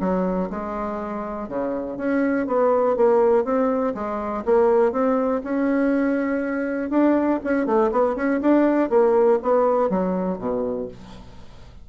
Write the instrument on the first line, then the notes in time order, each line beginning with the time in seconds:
bassoon
0.00 F#3
0.50 G#3
1.49 C#3
1.97 C#4
2.47 B3
2.97 A#3
3.45 C4
3.95 G#3
4.45 A#3
4.92 C4
5.44 C#4
6.90 D4
7.44 C#4
7.66 A3
7.92 B3
8.16 C#4
8.41 D4
8.90 A#3
9.43 B3
9.90 F#3
10.38 B2